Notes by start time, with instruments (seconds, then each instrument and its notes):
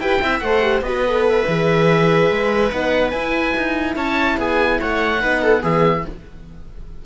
0.00 cello E4, horn G4, viola B4, oboe G5
0.21 cello C4, horn E4, viola E5
0.40 cello A3, viola C5, oboe F#5
0.46 horn A4
0.62 horn G4
0.81 cello B3, horn F#4, viola B4, oboe D#5
1.07 horn A4
1.29 oboe E5
1.47 cello E3, horn G#4
2.30 cello G#3
2.71 cello B3, horn D#4, oboe F#5
3.11 cello E4, horn E4, oboe G#5
3.57 cello D#4
3.96 cello C#4, viola C#5, oboe A5
4.37 cello B3, viola G#4, oboe G#5
4.80 cello A3, viola C#5, oboe F#5
5.20 cello B3, horn D#4, viola B4
5.42 viola A4
5.61 cello E3, horn B3, viola G#4, oboe E5